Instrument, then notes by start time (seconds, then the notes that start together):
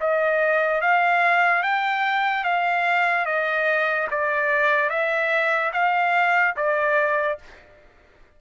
trumpet
0.00 D#5
0.81 F5
1.63 G5
2.44 F5
3.25 D#5
4.10 D5
4.89 E5
5.72 F5
6.56 D5